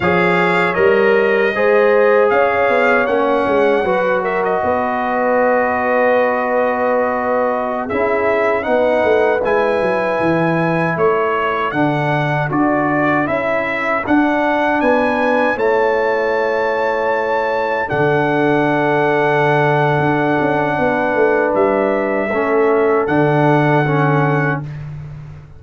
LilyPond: <<
  \new Staff \with { instrumentName = "trumpet" } { \time 4/4 \tempo 4 = 78 f''4 dis''2 f''4 | fis''4. e''16 dis''2~ dis''16~ | dis''2~ dis''16 e''4 fis''8.~ | fis''16 gis''2 cis''4 fis''8.~ |
fis''16 d''4 e''4 fis''4 gis''8.~ | gis''16 a''2. fis''8.~ | fis''1 | e''2 fis''2 | }
  \new Staff \with { instrumentName = "horn" } { \time 4/4 cis''2 c''4 cis''4~ | cis''4 b'8 ais'8 b'2~ | b'2~ b'16 gis'4 b'8.~ | b'2~ b'16 a'4.~ a'16~ |
a'2.~ a'16 b'8.~ | b'16 cis''2. a'8.~ | a'2. b'4~ | b'4 a'2. | }
  \new Staff \with { instrumentName = "trombone" } { \time 4/4 gis'4 ais'4 gis'2 | cis'4 fis'2.~ | fis'2~ fis'16 e'4 dis'8.~ | dis'16 e'2. d'8.~ |
d'16 fis'4 e'4 d'4.~ d'16~ | d'16 e'2. d'8.~ | d'1~ | d'4 cis'4 d'4 cis'4 | }
  \new Staff \with { instrumentName = "tuba" } { \time 4/4 f4 g4 gis4 cis'8 b8 | ais8 gis8 fis4 b2~ | b2~ b16 cis'4 b8 a16~ | a16 gis8 fis8 e4 a4 d8.~ |
d16 d'4 cis'4 d'4 b8.~ | b16 a2. d8.~ | d2 d'8 cis'8 b8 a8 | g4 a4 d2 | }
>>